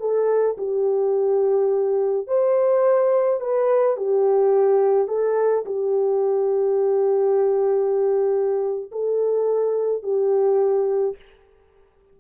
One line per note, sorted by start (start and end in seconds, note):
0.00 0.57 A4
0.58 2.28 G4
2.28 3.41 C5
3.41 3.97 B4
3.97 5.08 G4
5.08 5.64 A4
5.66 8.91 G4
8.92 10.03 A4
10.03 11.16 G4